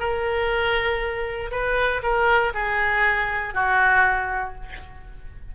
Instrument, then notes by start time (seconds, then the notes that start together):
oboe
0.00 A#4
1.51 B4
2.03 A#4
2.54 G#4
3.55 F#4